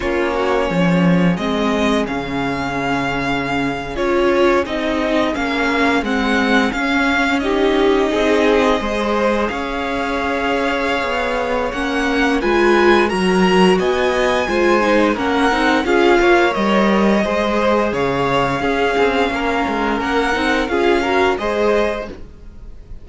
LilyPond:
<<
  \new Staff \with { instrumentName = "violin" } { \time 4/4 \tempo 4 = 87 cis''2 dis''4 f''4~ | f''4.~ f''16 cis''4 dis''4 f''16~ | f''8. fis''4 f''4 dis''4~ dis''16~ | dis''4.~ dis''16 f''2~ f''16~ |
f''4 fis''4 gis''4 ais''4 | gis''2 fis''4 f''4 | dis''2 f''2~ | f''4 fis''4 f''4 dis''4 | }
  \new Staff \with { instrumentName = "violin" } { \time 4/4 f'8 fis'8 gis'2.~ | gis'1~ | gis'2~ gis'8. g'4 gis'16~ | gis'8. c''4 cis''2~ cis''16~ |
cis''2 b'4 ais'4 | dis''4 c''4 ais'4 gis'8 cis''8~ | cis''4 c''4 cis''4 gis'4 | ais'2 gis'8 ais'8 c''4 | }
  \new Staff \with { instrumentName = "viola" } { \time 4/4 cis'2 c'4 cis'4~ | cis'4.~ cis'16 f'4 dis'4 cis'16~ | cis'8. c'4 cis'4 dis'4~ dis'16~ | dis'8. gis'2.~ gis'16~ |
gis'4 cis'4 f'4 fis'4~ | fis'4 f'8 dis'8 cis'8 dis'8 f'4 | ais'4 gis'2 cis'4~ | cis'4. dis'8 f'8 fis'8 gis'4 | }
  \new Staff \with { instrumentName = "cello" } { \time 4/4 ais4 f4 gis4 cis4~ | cis4.~ cis16 cis'4 c'4 ais16~ | ais8. gis4 cis'2 c'16~ | c'8. gis4 cis'2~ cis'16 |
b4 ais4 gis4 fis4 | b4 gis4 ais8 c'8 cis'8 ais8 | g4 gis4 cis4 cis'8 c'8 | ais8 gis8 ais8 c'8 cis'4 gis4 | }
>>